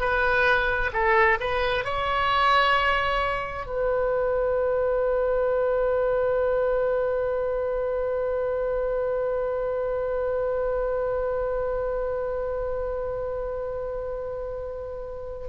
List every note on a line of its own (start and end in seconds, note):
0.00 0.91 B4
0.93 1.38 A4
1.40 1.84 B4
1.84 3.66 C#5
3.66 15.48 B4